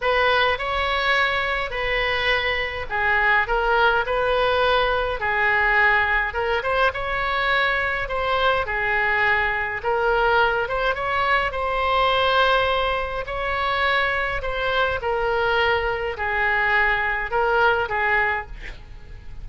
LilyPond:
\new Staff \with { instrumentName = "oboe" } { \time 4/4 \tempo 4 = 104 b'4 cis''2 b'4~ | b'4 gis'4 ais'4 b'4~ | b'4 gis'2 ais'8 c''8 | cis''2 c''4 gis'4~ |
gis'4 ais'4. c''8 cis''4 | c''2. cis''4~ | cis''4 c''4 ais'2 | gis'2 ais'4 gis'4 | }